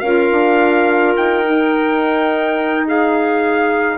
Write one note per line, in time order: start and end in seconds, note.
0.00 0.30 C#4
0.00 1.45 F4
0.00 2.85 A#4
0.00 1.13 F5
0.31 1.16 D4
1.17 3.98 D#4
1.17 2.87 G5
1.45 3.98 D#4
2.87 3.98 G#4
2.87 3.98 F5